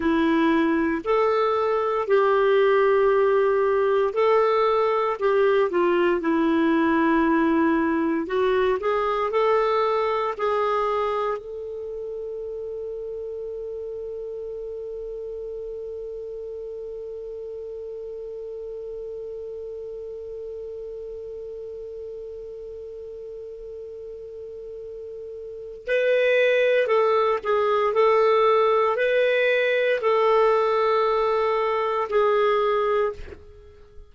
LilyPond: \new Staff \with { instrumentName = "clarinet" } { \time 4/4 \tempo 4 = 58 e'4 a'4 g'2 | a'4 g'8 f'8 e'2 | fis'8 gis'8 a'4 gis'4 a'4~ | a'1~ |
a'1~ | a'1~ | a'4 b'4 a'8 gis'8 a'4 | b'4 a'2 gis'4 | }